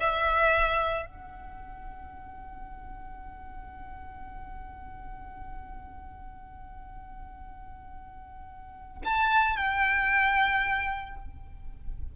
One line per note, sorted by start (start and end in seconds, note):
0.00 1.06 E5
1.06 9.02 F#5
9.05 9.56 A5
9.56 11.16 G5